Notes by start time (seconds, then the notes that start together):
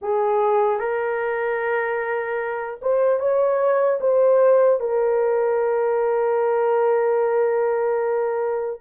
0.01 G#4
0.79 A#4
2.81 C5
3.19 C#5
4.00 C5
4.80 A#4